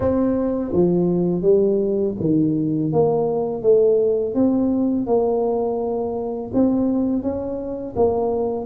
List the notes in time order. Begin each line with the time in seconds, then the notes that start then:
0.00 C4
0.72 F3
1.42 G3
2.19 D#3
2.92 A#3
3.62 A3
4.34 C4
5.06 A#3
6.53 C4
7.22 C#4
7.96 A#3